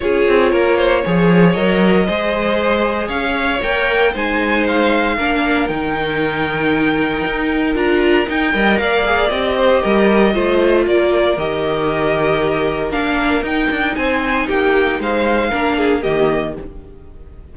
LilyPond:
<<
  \new Staff \with { instrumentName = "violin" } { \time 4/4 \tempo 4 = 116 cis''2. dis''4~ | dis''2 f''4 g''4 | gis''4 f''2 g''4~ | g''2. ais''4 |
g''4 f''4 dis''2~ | dis''4 d''4 dis''2~ | dis''4 f''4 g''4 gis''4 | g''4 f''2 dis''4 | }
  \new Staff \with { instrumentName = "violin" } { \time 4/4 gis'4 ais'8 c''8 cis''2 | c''2 cis''2 | c''2 ais'2~ | ais'1~ |
ais'8 dis''8 d''4. c''8 ais'4 | c''4 ais'2.~ | ais'2. c''4 | g'4 c''4 ais'8 gis'8 g'4 | }
  \new Staff \with { instrumentName = "viola" } { \time 4/4 f'2 gis'4 ais'4 | gis'2. ais'4 | dis'2 d'4 dis'4~ | dis'2. f'4 |
dis'8 ais'4 gis'8 g'2 | f'2 g'2~ | g'4 d'4 dis'2~ | dis'2 d'4 ais4 | }
  \new Staff \with { instrumentName = "cello" } { \time 4/4 cis'8 c'8 ais4 f4 fis4 | gis2 cis'4 ais4 | gis2 ais4 dis4~ | dis2 dis'4 d'4 |
dis'8 g8 ais4 c'4 g4 | a4 ais4 dis2~ | dis4 ais4 dis'8 d'8 c'4 | ais4 gis4 ais4 dis4 | }
>>